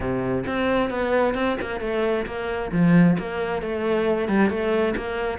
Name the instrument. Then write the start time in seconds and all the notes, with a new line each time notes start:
cello
0.00 C3
0.46 C4
0.90 B3
1.34 C4
1.61 A#3
1.80 A3
2.26 A#3
2.71 F3
3.18 A#3
3.62 A3
4.28 G3
4.49 A3
4.96 A#3